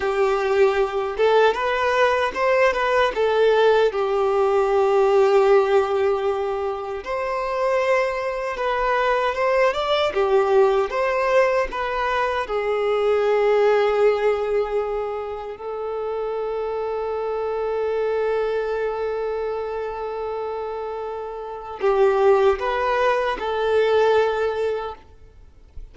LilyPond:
\new Staff \with { instrumentName = "violin" } { \time 4/4 \tempo 4 = 77 g'4. a'8 b'4 c''8 b'8 | a'4 g'2.~ | g'4 c''2 b'4 | c''8 d''8 g'4 c''4 b'4 |
gis'1 | a'1~ | a'1 | g'4 b'4 a'2 | }